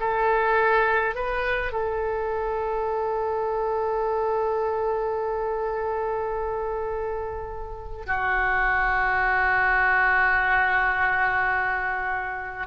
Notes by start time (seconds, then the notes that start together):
0.00 A4
1.15 B4
1.73 A4
8.07 F#4